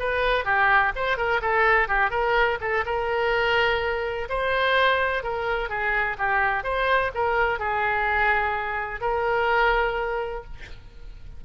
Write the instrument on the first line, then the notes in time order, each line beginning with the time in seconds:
oboe
0.00 B4
0.45 G4
0.96 C5
1.17 A#4
1.42 A4
1.88 G4
2.11 A#4
2.61 A4
2.86 A#4
4.29 C5
5.24 A#4
5.70 G#4
6.18 G4
6.64 C5
7.15 A#4
7.60 G#4
9.01 A#4